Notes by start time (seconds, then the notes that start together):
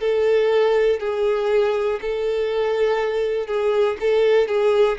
0.00 A4
1.00 G#4
2.02 A4
3.47 G#4
4.00 A4
4.48 G#4